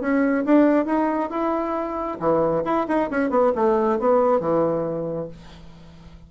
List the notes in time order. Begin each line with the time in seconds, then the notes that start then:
0.00 C#4
0.45 D4
0.85 D#4
1.30 E4
2.19 E3
2.65 E4
2.88 D#4
3.10 C#4
3.30 B3
3.55 A3
3.99 B3
4.40 E3